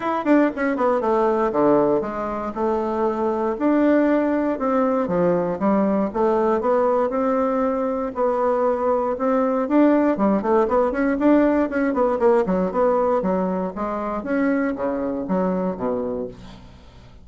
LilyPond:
\new Staff \with { instrumentName = "bassoon" } { \time 4/4 \tempo 4 = 118 e'8 d'8 cis'8 b8 a4 d4 | gis4 a2 d'4~ | d'4 c'4 f4 g4 | a4 b4 c'2 |
b2 c'4 d'4 | g8 a8 b8 cis'8 d'4 cis'8 b8 | ais8 fis8 b4 fis4 gis4 | cis'4 cis4 fis4 b,4 | }